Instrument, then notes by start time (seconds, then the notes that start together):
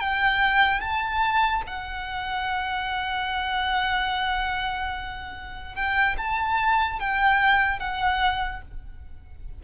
violin
0.00 G5
0.80 A5
1.67 F#5
5.75 G5
6.18 A5
7.00 G5
7.79 F#5